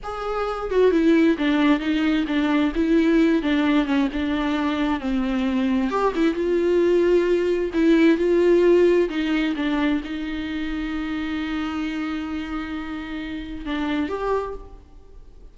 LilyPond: \new Staff \with { instrumentName = "viola" } { \time 4/4 \tempo 4 = 132 gis'4. fis'8 e'4 d'4 | dis'4 d'4 e'4. d'8~ | d'8 cis'8 d'2 c'4~ | c'4 g'8 e'8 f'2~ |
f'4 e'4 f'2 | dis'4 d'4 dis'2~ | dis'1~ | dis'2 d'4 g'4 | }